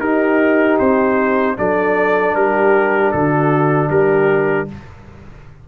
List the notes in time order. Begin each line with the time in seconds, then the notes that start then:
0.00 D#4 G4 A#4
0.79 C4 C5
1.57 F#3 D4 A4 D5
2.35 G3 G4 A#4
3.12 D3 F#4 A4
3.90 G3 G4 A#4